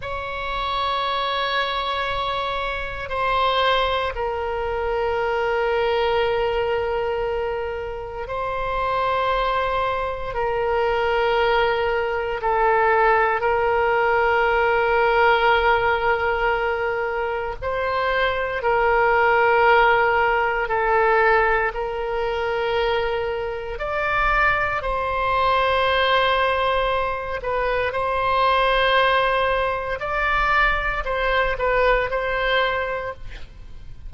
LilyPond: \new Staff \with { instrumentName = "oboe" } { \time 4/4 \tempo 4 = 58 cis''2. c''4 | ais'1 | c''2 ais'2 | a'4 ais'2.~ |
ais'4 c''4 ais'2 | a'4 ais'2 d''4 | c''2~ c''8 b'8 c''4~ | c''4 d''4 c''8 b'8 c''4 | }